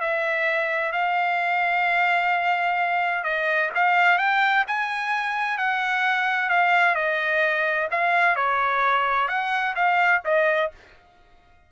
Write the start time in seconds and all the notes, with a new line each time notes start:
0.00 E5
0.92 F5
3.24 D#5
3.75 F5
4.18 G5
4.67 G#5
5.58 F#5
6.49 F5
6.95 D#5
7.91 F5
8.36 C#5
9.28 F#5
9.75 F5
10.25 D#5